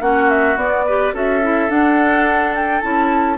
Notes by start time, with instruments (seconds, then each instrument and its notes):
0.00 bassoon A#3, clarinet C#4, oboe F#4, flute F#5
0.29 flute E5
0.56 bassoon B3, clarinet B3, flute D5
0.86 clarinet G4, oboe B4
1.13 bassoon C#4, clarinet F#4, oboe A4, flute E5
1.42 clarinet E4
1.68 clarinet D4, bassoon D4, flute F#5
2.55 flute G5
2.81 bassoon C#4, clarinet E4, flute A5